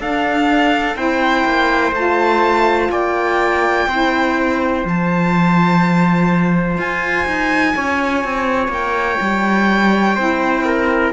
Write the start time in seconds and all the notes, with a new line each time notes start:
0.00 D4 A4 F5
0.96 C4 E4 C5 G5
1.45 A#3
1.92 A3 F4 A5
2.91 A#3 D5 G5
3.88 C4 E4 C5
4.85 F3 F4 A5
6.78 F4 G#5
7.27 D#4
7.76 C#4 C#5
8.25 C4
8.69 A#3 G5
9.21 G3
10.16 C4 E4 C5
10.66 A#4